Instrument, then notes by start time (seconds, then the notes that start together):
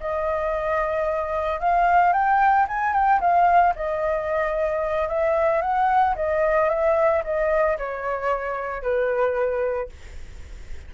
flute
0.00 D#5
1.60 F5
2.13 G5
2.68 G#5
2.93 G5
3.21 F5
3.76 D#5
5.08 E5
5.62 F#5
6.16 D#5
6.69 E5
7.24 D#5
7.78 C#5
8.82 B4